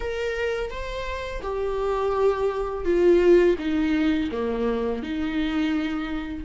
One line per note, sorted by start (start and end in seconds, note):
0.00 0.70 A#4
0.70 1.41 C5
1.42 2.84 G4
2.84 3.56 F4
3.58 4.29 D#4
4.31 5.02 A#3
5.02 6.44 D#4